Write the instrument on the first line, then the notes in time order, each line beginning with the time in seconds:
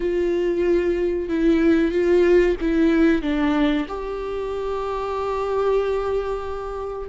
viola
0.00 F4
1.28 E4
1.91 F4
2.60 E4
3.22 D4
3.88 G4